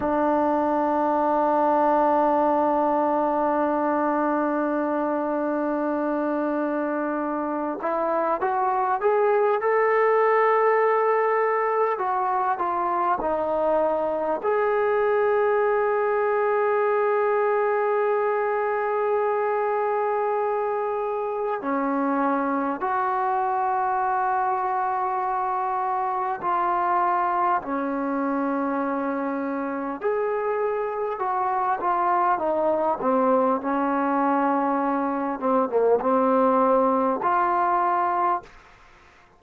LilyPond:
\new Staff \with { instrumentName = "trombone" } { \time 4/4 \tempo 4 = 50 d'1~ | d'2~ d'8 e'8 fis'8 gis'8 | a'2 fis'8 f'8 dis'4 | gis'1~ |
gis'2 cis'4 fis'4~ | fis'2 f'4 cis'4~ | cis'4 gis'4 fis'8 f'8 dis'8 c'8 | cis'4. c'16 ais16 c'4 f'4 | }